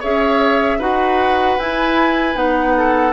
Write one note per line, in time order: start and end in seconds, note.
0.00 0.79 C#4
0.00 0.80 G#4
0.00 0.78 C#5
0.00 0.81 E5
0.79 1.57 D#4
0.79 1.58 F#4
0.79 2.74 B4
0.79 1.59 F#5
1.59 2.35 E4
1.59 2.37 G#5
2.35 3.13 B3
2.35 3.12 D#4
2.35 3.13 F#5
2.77 3.13 A4